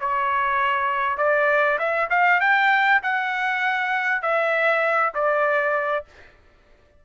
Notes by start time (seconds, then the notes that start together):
0.00 C#5
1.17 D5
1.79 E5
2.10 F5
2.40 G5
3.03 F#5
4.22 E5
5.14 D5